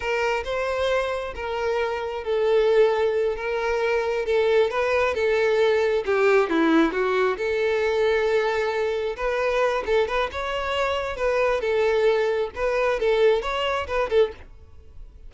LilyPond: \new Staff \with { instrumentName = "violin" } { \time 4/4 \tempo 4 = 134 ais'4 c''2 ais'4~ | ais'4 a'2~ a'8 ais'8~ | ais'4. a'4 b'4 a'8~ | a'4. g'4 e'4 fis'8~ |
fis'8 a'2.~ a'8~ | a'8 b'4. a'8 b'8 cis''4~ | cis''4 b'4 a'2 | b'4 a'4 cis''4 b'8 a'8 | }